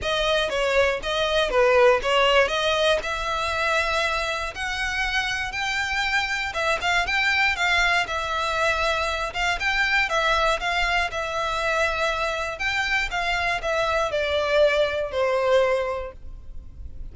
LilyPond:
\new Staff \with { instrumentName = "violin" } { \time 4/4 \tempo 4 = 119 dis''4 cis''4 dis''4 b'4 | cis''4 dis''4 e''2~ | e''4 fis''2 g''4~ | g''4 e''8 f''8 g''4 f''4 |
e''2~ e''8 f''8 g''4 | e''4 f''4 e''2~ | e''4 g''4 f''4 e''4 | d''2 c''2 | }